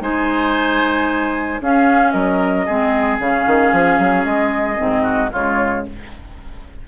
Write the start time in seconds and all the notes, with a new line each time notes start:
0.00 G#3 D#4 C5 G#5
1.61 C#4 G#4 F5
2.11 F#3 A#4 D#5
2.65 G#3 C4 G#4
3.19 C#3 C#4 F5
3.46 D#3
3.72 F3
3.98 F#3
4.24 G#3 D#5
4.76 G#2 C4
5.03 F#4
5.32 C#3 G#3 F4 C#5